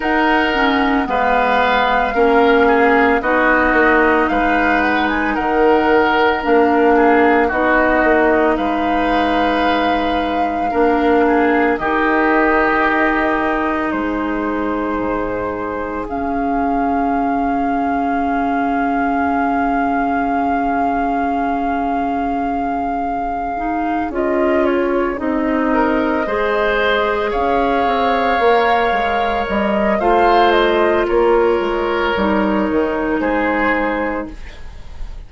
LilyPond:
<<
  \new Staff \with { instrumentName = "flute" } { \time 4/4 \tempo 4 = 56 fis''4 f''2 dis''4 | f''8 fis''16 gis''16 fis''4 f''4 dis''4 | f''2. dis''4~ | dis''4 c''2 f''4~ |
f''1~ | f''2~ f''8 dis''8 cis''8 dis''8~ | dis''4. f''2 dis''8 | f''8 dis''8 cis''2 c''4 | }
  \new Staff \with { instrumentName = "oboe" } { \time 4/4 ais'4 b'4 ais'8 gis'8 fis'4 | b'4 ais'4. gis'8 fis'4 | b'2 ais'8 gis'8 g'4~ | g'4 gis'2.~ |
gis'1~ | gis'1 | ais'8 c''4 cis''2~ cis''8 | c''4 ais'2 gis'4 | }
  \new Staff \with { instrumentName = "clarinet" } { \time 4/4 dis'8 cis'8 b4 cis'4 dis'4~ | dis'2 d'4 dis'4~ | dis'2 d'4 dis'4~ | dis'2. cis'4~ |
cis'1~ | cis'2 dis'8 f'4 dis'8~ | dis'8 gis'2 ais'4. | f'2 dis'2 | }
  \new Staff \with { instrumentName = "bassoon" } { \time 4/4 dis'4 gis4 ais4 b8 ais8 | gis4 dis4 ais4 b8 ais8 | gis2 ais4 dis4~ | dis4 gis4 gis,4 cis4~ |
cis1~ | cis2~ cis8 cis'4 c'8~ | c'8 gis4 cis'8 c'8 ais8 gis8 g8 | a4 ais8 gis8 g8 dis8 gis4 | }
>>